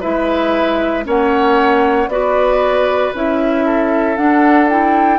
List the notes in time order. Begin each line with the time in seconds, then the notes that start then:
0.00 G#3 E4 B4 E5
1.04 A#3 C#4 C#5 F#5
2.07 B3 F#4 B4 D5
3.13 C#4 E4 E5
3.65 A4
4.16 D4 F#5
4.68 E4 G5